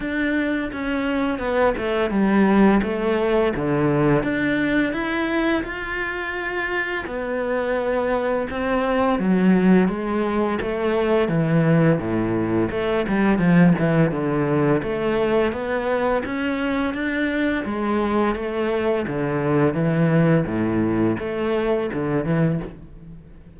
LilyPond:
\new Staff \with { instrumentName = "cello" } { \time 4/4 \tempo 4 = 85 d'4 cis'4 b8 a8 g4 | a4 d4 d'4 e'4 | f'2 b2 | c'4 fis4 gis4 a4 |
e4 a,4 a8 g8 f8 e8 | d4 a4 b4 cis'4 | d'4 gis4 a4 d4 | e4 a,4 a4 d8 e8 | }